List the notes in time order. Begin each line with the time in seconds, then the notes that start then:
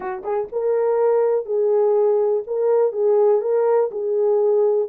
0.00 F#4
0.23 G#4
0.52 A#4
1.45 G#4
2.47 A#4
2.92 G#4
3.41 A#4
3.91 G#4